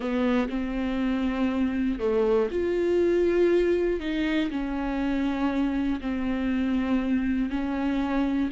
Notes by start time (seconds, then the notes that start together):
0.00 B3
0.49 C4
1.99 A3
2.50 F4
4.00 D#4
4.50 C#4
6.00 C4
7.50 C#4